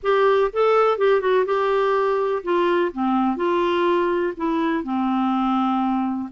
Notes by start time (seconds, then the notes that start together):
0.02 G4
0.52 A4
0.98 G4
1.20 F#4
1.45 G4
2.43 F4
2.92 C4
3.36 F4
4.37 E4
4.83 C4